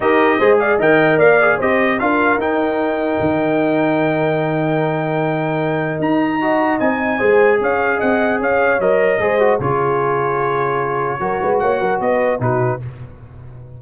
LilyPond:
<<
  \new Staff \with { instrumentName = "trumpet" } { \time 4/4 \tempo 4 = 150 dis''4. f''8 g''4 f''4 | dis''4 f''4 g''2~ | g''1~ | g''2. ais''4~ |
ais''4 gis''2 f''4 | fis''4 f''4 dis''2 | cis''1~ | cis''4 fis''4 dis''4 b'4 | }
  \new Staff \with { instrumentName = "horn" } { \time 4/4 ais'4 c''8 d''8 dis''4 d''4 | c''4 ais'2.~ | ais'1~ | ais'1 |
dis''2 c''4 cis''4 | dis''4 cis''2 c''4 | gis'1 | ais'8 b'8 cis''8 ais'8 b'4 fis'4 | }
  \new Staff \with { instrumentName = "trombone" } { \time 4/4 g'4 gis'4 ais'4. gis'8 | g'4 f'4 dis'2~ | dis'1~ | dis'1 |
fis'4 dis'4 gis'2~ | gis'2 ais'4 gis'8 fis'8 | f'1 | fis'2. dis'4 | }
  \new Staff \with { instrumentName = "tuba" } { \time 4/4 dis'4 gis4 dis4 ais4 | c'4 d'4 dis'2 | dis1~ | dis2. dis'4~ |
dis'4 c'4 gis4 cis'4 | c'4 cis'4 fis4 gis4 | cis1 | fis8 gis8 ais8 fis8 b4 b,4 | }
>>